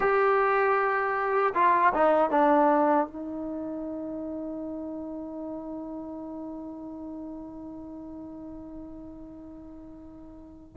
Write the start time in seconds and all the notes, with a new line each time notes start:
0.00 G4
1.54 F4
1.94 D#4
2.30 D4
3.07 D#4